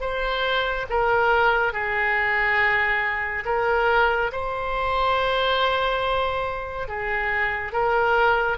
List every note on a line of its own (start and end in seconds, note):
0.00 0.86 C5
0.89 1.72 A#4
1.72 3.44 G#4
3.45 4.31 A#4
4.32 6.88 C5
6.88 7.72 G#4
7.72 8.58 A#4